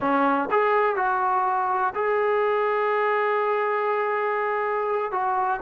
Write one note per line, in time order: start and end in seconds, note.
0.00 0.49 C#4
0.51 0.96 G#4
0.96 1.93 F#4
1.94 5.11 G#4
5.11 5.60 F#4